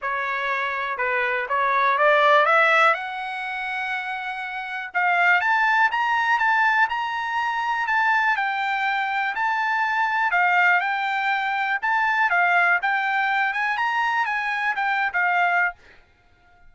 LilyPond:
\new Staff \with { instrumentName = "trumpet" } { \time 4/4 \tempo 4 = 122 cis''2 b'4 cis''4 | d''4 e''4 fis''2~ | fis''2 f''4 a''4 | ais''4 a''4 ais''2 |
a''4 g''2 a''4~ | a''4 f''4 g''2 | a''4 f''4 g''4. gis''8 | ais''4 gis''4 g''8. f''4~ f''16 | }